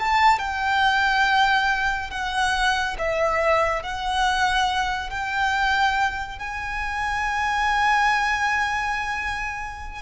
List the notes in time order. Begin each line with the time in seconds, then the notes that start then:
0.00 A5
0.39 G5
2.11 F#5
2.99 E5
3.83 F#5
5.10 G5
6.39 G#5